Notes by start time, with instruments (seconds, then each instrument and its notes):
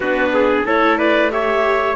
0.00 cello B3, viola D4, trumpet F#4, clarinet B4
0.34 trumpet G#4
0.66 cello A3, viola E4, trumpet A4, clarinet C#5
0.98 trumpet B4, clarinet D5
1.30 viola G4, trumpet C#5, clarinet E5